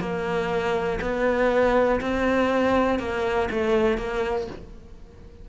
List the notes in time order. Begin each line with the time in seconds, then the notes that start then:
0.00 A#3
1.01 B3
2.01 C4
2.99 A#3
3.51 A3
3.97 A#3